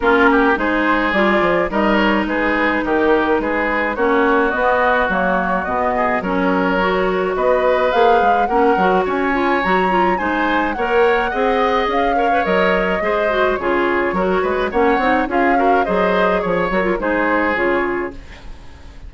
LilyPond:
<<
  \new Staff \with { instrumentName = "flute" } { \time 4/4 \tempo 4 = 106 ais'4 c''4 d''4 dis''8 cis''8 | b'4 ais'4 b'4 cis''4 | dis''4 cis''4 dis''4 cis''4~ | cis''4 dis''4 f''4 fis''4 |
gis''4 ais''4 gis''4 fis''4~ | fis''4 f''4 dis''2 | cis''2 fis''4 f''4 | dis''4 cis''8 ais'8 c''4 cis''4 | }
  \new Staff \with { instrumentName = "oboe" } { \time 4/4 f'8 g'8 gis'2 ais'4 | gis'4 g'4 gis'4 fis'4~ | fis'2~ fis'8 gis'8 ais'4~ | ais'4 b'2 ais'4 |
cis''2 c''4 cis''4 | dis''4. cis''4. c''4 | gis'4 ais'8 b'8 cis''4 gis'8 ais'8 | c''4 cis''4 gis'2 | }
  \new Staff \with { instrumentName = "clarinet" } { \time 4/4 cis'4 dis'4 f'4 dis'4~ | dis'2. cis'4 | b4 ais4 b4 cis'4 | fis'2 gis'4 cis'8 fis'8~ |
fis'8 f'8 fis'8 f'8 dis'4 ais'4 | gis'4. ais'16 b'16 ais'4 gis'8 fis'8 | f'4 fis'4 cis'8 dis'8 f'8 fis'8 | gis'4. fis'16 f'16 dis'4 f'4 | }
  \new Staff \with { instrumentName = "bassoon" } { \time 4/4 ais4 gis4 g8 f8 g4 | gis4 dis4 gis4 ais4 | b4 fis4 b,4 fis4~ | fis4 b4 ais8 gis8 ais8 fis8 |
cis'4 fis4 gis4 ais4 | c'4 cis'4 fis4 gis4 | cis4 fis8 gis8 ais8 c'8 cis'4 | fis4 f8 fis8 gis4 cis4 | }
>>